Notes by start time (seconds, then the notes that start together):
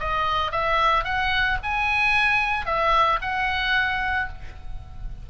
0.00 D#5
0.52 E5
1.04 F#5
1.63 G#5
2.66 E5
3.21 F#5